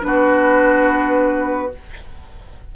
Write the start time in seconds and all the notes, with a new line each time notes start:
0.00 B3 D4 F#4 B4